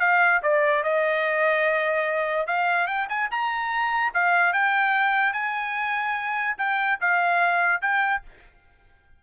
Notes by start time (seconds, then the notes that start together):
0.00 F5
0.43 D5
0.83 D#5
2.47 F5
2.87 G5
3.09 G#5
3.31 A#5
4.14 F5
4.53 G5
5.33 G#5
6.58 G5
7.00 F5
7.81 G5